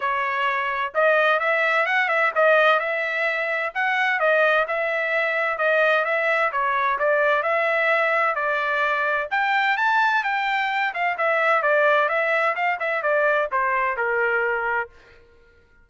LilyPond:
\new Staff \with { instrumentName = "trumpet" } { \time 4/4 \tempo 4 = 129 cis''2 dis''4 e''4 | fis''8 e''8 dis''4 e''2 | fis''4 dis''4 e''2 | dis''4 e''4 cis''4 d''4 |
e''2 d''2 | g''4 a''4 g''4. f''8 | e''4 d''4 e''4 f''8 e''8 | d''4 c''4 ais'2 | }